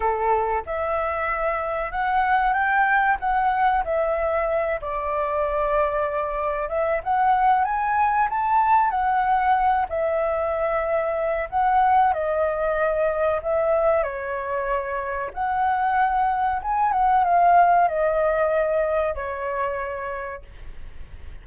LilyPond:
\new Staff \with { instrumentName = "flute" } { \time 4/4 \tempo 4 = 94 a'4 e''2 fis''4 | g''4 fis''4 e''4. d''8~ | d''2~ d''8 e''8 fis''4 | gis''4 a''4 fis''4. e''8~ |
e''2 fis''4 dis''4~ | dis''4 e''4 cis''2 | fis''2 gis''8 fis''8 f''4 | dis''2 cis''2 | }